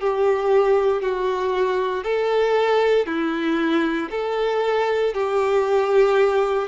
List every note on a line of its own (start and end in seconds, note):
0.00 1.02 G4
1.02 2.04 F#4
2.04 3.06 A4
3.06 4.10 E4
4.11 5.14 A4
5.14 6.68 G4